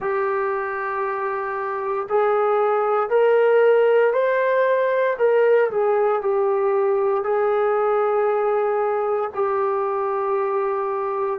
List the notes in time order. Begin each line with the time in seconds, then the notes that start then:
0.00 G4
2.09 G#4
3.09 A#4
4.13 C5
5.18 A#4
5.70 G#4
6.21 G4
7.23 G#4
9.34 G4